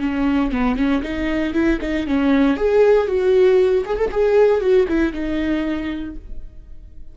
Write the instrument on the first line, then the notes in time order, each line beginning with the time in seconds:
viola
0.00 C#4
0.51 B3
0.76 C#4
1.03 D#4
1.54 E4
1.81 D#4
2.07 C#4
2.57 G#4
3.07 F#4
3.85 G#4
3.97 A4
4.11 G#4
4.61 F#4
4.88 E4
5.13 D#4